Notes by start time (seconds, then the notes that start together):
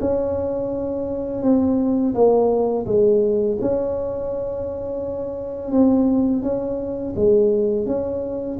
0.00 C#4
1.43 C4
2.14 A#3
2.86 G#3
3.61 C#4
5.71 C4
6.42 C#4
7.16 G#3
7.86 C#4